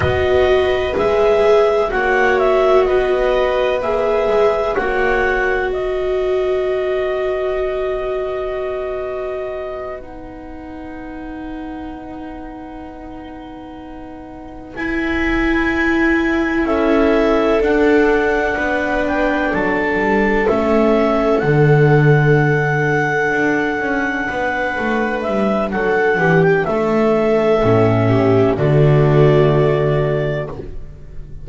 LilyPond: <<
  \new Staff \with { instrumentName = "clarinet" } { \time 4/4 \tempo 4 = 63 dis''4 e''4 fis''8 e''8 dis''4 | e''4 fis''4 dis''2~ | dis''2~ dis''8 fis''4.~ | fis''2.~ fis''8 gis''8~ |
gis''4. e''4 fis''4. | g''8 a''4 e''4 fis''4.~ | fis''2~ fis''8 e''8 fis''8. g''16 | e''2 d''2 | }
  \new Staff \with { instrumentName = "viola" } { \time 4/4 b'2 cis''4 b'4~ | b'4 cis''4 b'2~ | b'1~ | b'1~ |
b'4. a'2 b'8~ | b'8 a'2.~ a'8~ | a'4. b'4. a'8 g'8 | a'4. g'8 fis'2 | }
  \new Staff \with { instrumentName = "viola" } { \time 4/4 fis'4 gis'4 fis'2 | gis'4 fis'2.~ | fis'2~ fis'8 dis'4.~ | dis'2.~ dis'8 e'8~ |
e'2~ e'8 d'4.~ | d'4. cis'4 d'4.~ | d'1~ | d'4 cis'4 a2 | }
  \new Staff \with { instrumentName = "double bass" } { \time 4/4 b4 gis4 ais4 b4 | ais8 gis8 ais4 b2~ | b1~ | b2.~ b8 e'8~ |
e'4. cis'4 d'4 b8~ | b8 fis8 g8 a4 d4.~ | d8 d'8 cis'8 b8 a8 g8 fis8 e8 | a4 a,4 d2 | }
>>